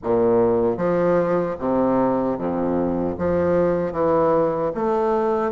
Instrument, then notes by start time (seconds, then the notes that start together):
bassoon
0.03 A#2
0.77 F3
1.59 C3
2.38 F2
3.18 F3
3.92 E3
4.74 A3